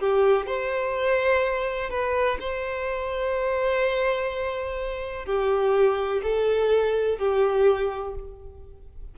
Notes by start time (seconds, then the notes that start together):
0.00 G4
0.47 C5
1.90 B4
2.40 C5
5.26 G4
6.23 A4
7.19 G4